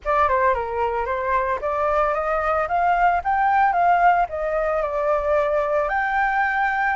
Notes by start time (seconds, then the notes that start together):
0.04 D5
0.28 C5
0.54 A#4
1.05 C5
1.61 D5
2.14 D#5
2.68 F5
3.24 G5
3.72 F5
4.29 D#5
4.82 D5
5.89 G5